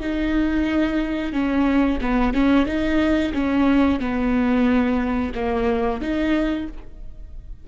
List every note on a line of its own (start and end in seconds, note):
0.00 1.32 D#4
1.32 1.99 C#4
2.01 2.33 B3
2.33 2.66 C#4
2.66 3.32 D#4
3.33 4.00 C#4
4.00 5.33 B3
5.35 6.01 A#3
6.01 6.68 D#4